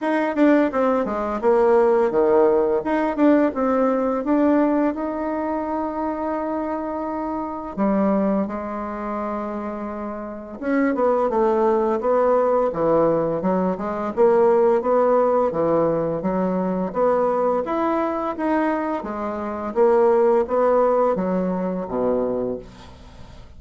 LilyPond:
\new Staff \with { instrumentName = "bassoon" } { \time 4/4 \tempo 4 = 85 dis'8 d'8 c'8 gis8 ais4 dis4 | dis'8 d'8 c'4 d'4 dis'4~ | dis'2. g4 | gis2. cis'8 b8 |
a4 b4 e4 fis8 gis8 | ais4 b4 e4 fis4 | b4 e'4 dis'4 gis4 | ais4 b4 fis4 b,4 | }